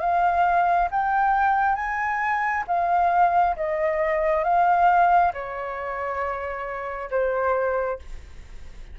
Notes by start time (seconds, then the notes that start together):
0.00 F5
0.91 G5
1.75 G#5
2.67 F5
3.56 D#5
4.44 F5
5.33 C#5
7.10 C5